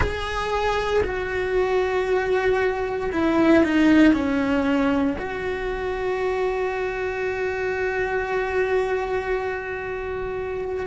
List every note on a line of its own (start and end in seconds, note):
0.00 1.03 G#4
1.03 3.10 F#4
3.12 3.63 E4
3.63 4.13 D#4
4.13 5.16 C#4
5.18 10.86 F#4